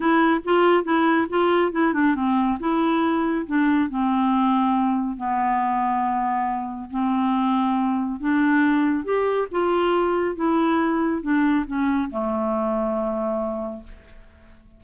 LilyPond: \new Staff \with { instrumentName = "clarinet" } { \time 4/4 \tempo 4 = 139 e'4 f'4 e'4 f'4 | e'8 d'8 c'4 e'2 | d'4 c'2. | b1 |
c'2. d'4~ | d'4 g'4 f'2 | e'2 d'4 cis'4 | a1 | }